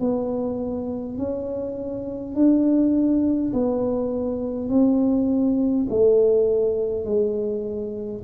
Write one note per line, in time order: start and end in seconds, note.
0.00 1.18 B3
1.18 2.35 C#4
2.35 3.53 D4
3.53 4.70 B3
4.70 5.87 C4
5.89 7.05 A3
7.05 8.23 G#3